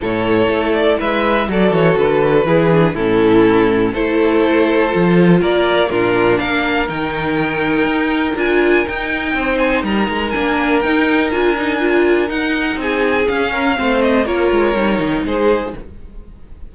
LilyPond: <<
  \new Staff \with { instrumentName = "violin" } { \time 4/4 \tempo 4 = 122 cis''4. d''8 e''4 d''8 cis''8 | b'2 a'2 | c''2. d''4 | ais'4 f''4 g''2~ |
g''4 gis''4 g''4. gis''8 | ais''4 gis''4 g''4 gis''4~ | gis''4 fis''4 gis''4 f''4~ | f''8 dis''8 cis''2 c''4 | }
  \new Staff \with { instrumentName = "violin" } { \time 4/4 a'2 b'4 a'4~ | a'4 gis'4 e'2 | a'2. ais'4 | f'4 ais'2.~ |
ais'2. c''4 | ais'1~ | ais'2 gis'4. ais'8 | c''4 ais'2 gis'4 | }
  \new Staff \with { instrumentName = "viola" } { \time 4/4 e'2. fis'4~ | fis'4 e'8 d'8 cis'2 | e'2 f'2 | d'2 dis'2~ |
dis'4 f'4 dis'2~ | dis'4 d'4 dis'4 f'8 dis'8 | f'4 dis'2 cis'4 | c'4 f'4 dis'2 | }
  \new Staff \with { instrumentName = "cello" } { \time 4/4 a,4 a4 gis4 fis8 e8 | d4 e4 a,2 | a2 f4 ais4 | ais,4 ais4 dis2 |
dis'4 d'4 dis'4 c'4 | g8 gis8 ais4 dis'4 d'4~ | d'4 dis'4 c'4 cis'4 | a4 ais8 gis8 g8 dis8 gis4 | }
>>